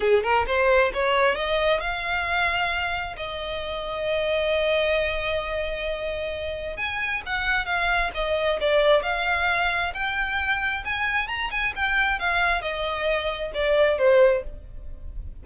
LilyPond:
\new Staff \with { instrumentName = "violin" } { \time 4/4 \tempo 4 = 133 gis'8 ais'8 c''4 cis''4 dis''4 | f''2. dis''4~ | dis''1~ | dis''2. gis''4 |
fis''4 f''4 dis''4 d''4 | f''2 g''2 | gis''4 ais''8 gis''8 g''4 f''4 | dis''2 d''4 c''4 | }